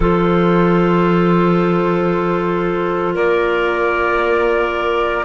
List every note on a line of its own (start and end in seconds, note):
0.00 3.15 F3
0.00 5.24 F4
0.00 3.14 A4
0.00 3.15 C5
3.14 5.24 A#3
3.14 5.24 A#4
3.14 5.24 D5